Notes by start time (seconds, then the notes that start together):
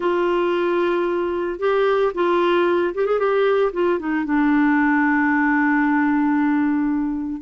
0.00 F4
1.59 G4
2.14 F4
2.94 G4
3.05 G#4
3.19 G4
3.72 F4
3.99 D#4
4.25 D4